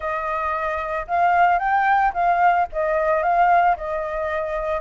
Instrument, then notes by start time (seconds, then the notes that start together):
flute
0.00 D#5
1.07 F5
1.59 G5
2.13 F5
2.72 D#5
3.22 F5
3.76 D#5